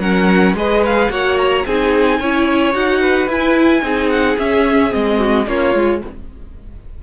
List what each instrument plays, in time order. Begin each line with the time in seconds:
0.00 cello F#3, viola C#4, violin A#4 F#5
0.54 cello G#3, viola G#4, violin B4 D#5
0.86 violin F5
1.10 cello A#3, viola F#4, violin C#5 F#5
1.38 violin A#5
1.66 cello C4, viola D#4, violin G#4 G#5
2.20 cello C#4, viola E4, violin C#5
2.73 cello D#4, viola F#4, violin F#5
3.01 violin B4
3.28 cello E4, viola E4, violin G#5
3.82 cello C4, viola D#4, violin G#4
4.10 violin F#5
4.38 viola C#4, cello C#4, violin E5
4.91 cello G#3, viola C4, violin D#5
5.18 violin F#4
5.47 cello A#3, viola C#4, violin F4 C#5
5.75 cello G#3, viola F4